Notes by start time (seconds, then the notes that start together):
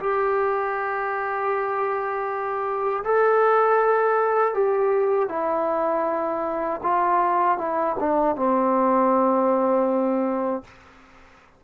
0.00 G4
3.04 A4
4.55 G4
5.29 E4
6.83 F4
7.58 E4
8.00 D4
8.36 C4